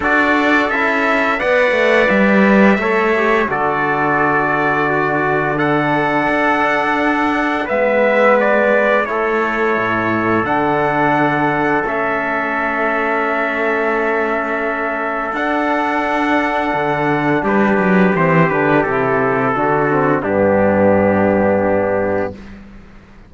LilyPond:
<<
  \new Staff \with { instrumentName = "trumpet" } { \time 4/4 \tempo 4 = 86 d''4 e''4 fis''4 e''4~ | e''4 d''2. | fis''2. e''4 | d''4 cis''2 fis''4~ |
fis''4 e''2.~ | e''2 fis''2~ | fis''4 b'4 c''8 b'8 a'4~ | a'4 g'2. | }
  \new Staff \with { instrumentName = "trumpet" } { \time 4/4 a'2 d''2 | cis''4 a'2 fis'4 | a'2. b'4~ | b'4 a'2.~ |
a'1~ | a'1~ | a'4 g'2. | fis'4 d'2. | }
  \new Staff \with { instrumentName = "trombone" } { \time 4/4 fis'4 e'4 b'2 | a'8 g'8 fis'2. | d'2. b4~ | b4 e'2 d'4~ |
d'4 cis'2.~ | cis'2 d'2~ | d'2 c'8 d'8 e'4 | d'8 c'8 b2. | }
  \new Staff \with { instrumentName = "cello" } { \time 4/4 d'4 cis'4 b8 a8 g4 | a4 d2.~ | d4 d'2 gis4~ | gis4 a4 a,4 d4~ |
d4 a2.~ | a2 d'2 | d4 g8 fis8 e8 d8 c4 | d4 g,2. | }
>>